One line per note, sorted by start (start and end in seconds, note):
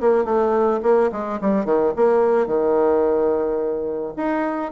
0.00 0.24 A#3
0.24 0.80 A3
0.82 1.10 A#3
1.12 1.39 G#3
1.41 1.65 G3
1.65 1.93 D#3
1.96 2.46 A#3
2.46 4.13 D#3
4.16 4.72 D#4